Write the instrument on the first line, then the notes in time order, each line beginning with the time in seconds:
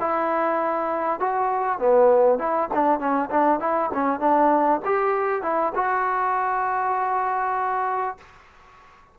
trombone
0.00 E4
1.20 F#4
1.79 B3
2.39 E4
2.74 D4
2.99 C#4
3.30 D4
3.60 E4
3.94 C#4
4.20 D4
4.85 G4
5.42 E4
5.75 F#4